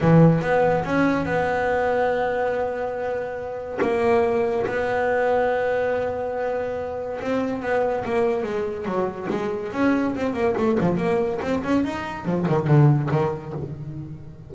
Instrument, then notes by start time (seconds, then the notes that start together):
double bass
0.00 E3
0.41 B3
0.84 C#4
1.25 B3
3.81 A#3
4.66 B3
7.20 C4
7.62 B3
8.04 A#3
8.43 G#3
8.85 F#3
9.30 G#3
9.72 C#4
10.15 C4
10.33 A#3
10.57 A3
10.80 F3
10.97 A#3
11.41 C4
11.63 C#4
11.84 D#4
12.25 F3
12.48 D#3
12.67 D3
13.11 D#3